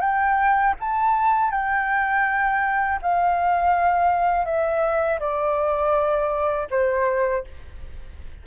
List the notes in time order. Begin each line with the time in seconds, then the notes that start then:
0.00 G5
0.80 A5
1.51 G5
3.02 F5
4.45 E5
5.19 D5
6.70 C5